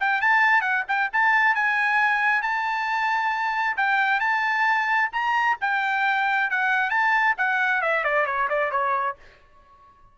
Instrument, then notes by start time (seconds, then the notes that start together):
trumpet
0.00 G5
0.21 A5
0.61 F#5
0.88 G5
1.13 A5
1.55 G#5
2.42 A5
3.77 G5
4.20 A5
5.13 A#5
5.61 G5
6.51 F#5
6.90 A5
7.38 F#5
7.82 E5
8.04 D5
8.26 C#5
8.50 D5
8.71 C#5